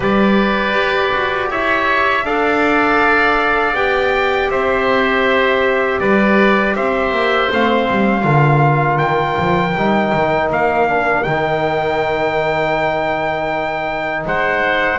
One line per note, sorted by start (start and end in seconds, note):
0.00 0.73 G3
0.00 2.22 G4
0.00 1.49 B4
0.00 1.51 D5
0.73 1.10 G4
1.11 1.49 F#4
1.49 2.24 E4
1.49 2.25 C#5
1.49 2.25 E5
2.24 3.73 D4
2.24 3.75 A4
2.24 4.50 D5
2.24 3.75 F5
3.73 4.48 B3
3.73 7.50 G4
3.73 4.50 G5
4.49 5.99 C4
4.49 6.00 C5
4.49 5.99 E5
5.99 6.75 G3
5.99 6.75 B4
5.99 6.74 D5
6.75 7.11 C4
6.75 8.25 C5
6.75 7.50 E5
7.11 7.48 A#3
7.51 7.89 A3
7.51 8.21 C4
7.51 8.97 F5
7.90 8.24 G3
8.21 8.99 D3
8.21 9.71 F4
8.21 14.25 A#4
8.97 9.36 D#3
8.97 10.48 G5
9.37 9.75 F3
9.75 10.12 G3
9.75 10.88 D#4
10.13 10.50 D#3
10.50 11.25 A#3
10.50 11.23 F5
10.88 11.24 D4
11.23 14.25 D#3
11.23 14.98 D#4
11.23 14.23 G5
14.25 14.98 G#3
14.25 14.98 C5
14.25 14.98 F#5